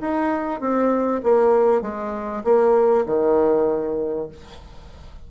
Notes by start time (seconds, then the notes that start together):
0.00 D#4
0.60 C4
1.23 A#3
1.81 G#3
2.44 A#3
3.06 D#3